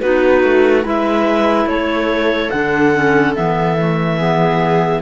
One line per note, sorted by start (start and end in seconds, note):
0.00 0.44 B3
0.00 0.83 D#4
0.00 0.83 F#4
0.00 0.83 B4
0.44 0.85 A3
0.83 1.66 G#3
0.83 2.49 E4
0.83 1.67 B4
0.83 1.68 E5
1.66 2.49 A3
1.66 4.18 A4
1.66 2.50 C#5
2.50 3.36 D3
2.50 2.94 D4
2.50 3.33 F#5
2.94 3.35 C#4
3.35 5.02 E3
3.35 3.77 B3
3.35 5.02 E5
3.78 4.19 A3
4.18 5.02 B3
4.18 5.01 G#4